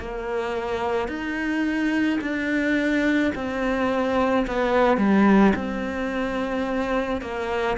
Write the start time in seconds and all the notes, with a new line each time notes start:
0.00 A#3
1.09 D#4
2.22 D4
3.35 C4
4.47 B3
4.98 G3
5.56 C4
7.22 A#3